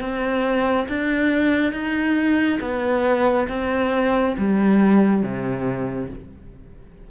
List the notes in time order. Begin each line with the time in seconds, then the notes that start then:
0.00 C4
0.88 D4
1.72 D#4
2.60 B3
3.48 C4
4.38 G3
5.23 C3